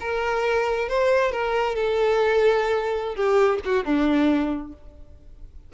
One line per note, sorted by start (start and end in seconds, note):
0.00 0.88 A#4
0.88 1.32 C5
1.32 1.75 A#4
1.75 3.15 A4
3.15 3.59 G4
3.65 3.84 F#4
3.84 4.73 D4